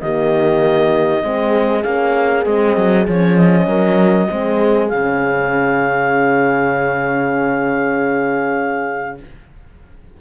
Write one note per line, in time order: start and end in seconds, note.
0.00 1.23 D#3
0.00 1.21 A#3
0.00 1.25 G4
0.00 1.82 D#5
1.21 1.84 G#3
1.21 1.82 C4
1.21 3.67 G#4
1.82 2.45 A#3
1.82 2.43 C#4
1.82 2.44 F5
2.45 2.76 G#3
2.45 3.07 C4
2.45 3.06 D#5
2.76 3.07 F#3
3.07 3.66 F3
3.07 4.29 C#4
3.07 3.36 C#5
3.36 4.89 D#5
3.66 4.27 F#3
3.66 4.28 A#4
4.29 4.92 G#3
4.29 4.90 C4
4.29 9.19 G#4
4.89 9.20 C#3
4.89 9.20 C#4
4.89 9.17 F5